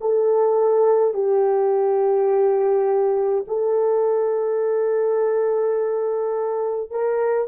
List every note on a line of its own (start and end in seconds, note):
0.00 1.14 A4
1.14 3.45 G4
3.47 6.90 A4
6.90 7.48 A#4